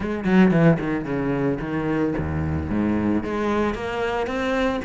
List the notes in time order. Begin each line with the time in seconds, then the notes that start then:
0.00 G#3
0.24 F#3
0.51 E3
0.79 D#3
1.04 C#3
1.60 D#3
2.17 D#2
2.70 G#2
3.23 G#3
3.74 A#3
4.26 C4